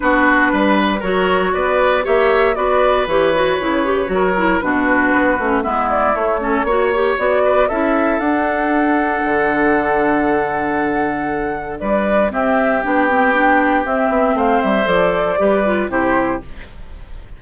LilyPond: <<
  \new Staff \with { instrumentName = "flute" } { \time 4/4 \tempo 4 = 117 b'2 cis''4 d''4 | e''4 d''4 cis''2~ | cis''4 b'2 e''8 d''8 | cis''2 d''4 e''4 |
fis''1~ | fis''2. d''4 | e''4 g''2 e''4 | f''8 e''8 d''2 c''4 | }
  \new Staff \with { instrumentName = "oboe" } { \time 4/4 fis'4 b'4 ais'4 b'4 | cis''4 b'2. | ais'4 fis'2 e'4~ | e'8 a'8 cis''4. b'8 a'4~ |
a'1~ | a'2. b'4 | g'1 | c''2 b'4 g'4 | }
  \new Staff \with { instrumentName = "clarinet" } { \time 4/4 d'2 fis'2 | g'4 fis'4 g'8 fis'8 e'8 g'8 | fis'8 e'8 d'4. cis'8 b4 | a8 cis'8 fis'8 g'8 fis'4 e'4 |
d'1~ | d'1 | c'4 d'8 c'8 d'4 c'4~ | c'4 a'4 g'8 f'8 e'4 | }
  \new Staff \with { instrumentName = "bassoon" } { \time 4/4 b4 g4 fis4 b4 | ais4 b4 e4 cis4 | fis4 b,4 b8 a8 gis4 | a4 ais4 b4 cis'4 |
d'2 d2~ | d2. g4 | c'4 b2 c'8 b8 | a8 g8 f4 g4 c4 | }
>>